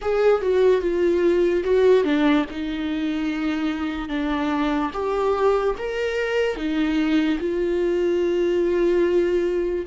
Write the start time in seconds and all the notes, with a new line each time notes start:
0.01 G#4
0.41 F#4
0.81 F4
1.63 F#4
2.04 D4
2.50 D#4
4.08 D4
4.93 G4
5.78 A#4
6.56 D#4
7.39 F4